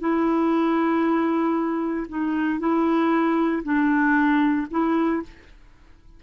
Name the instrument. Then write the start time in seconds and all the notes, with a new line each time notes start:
clarinet
0.00 E4
2.09 D#4
2.60 E4
3.64 D4
4.71 E4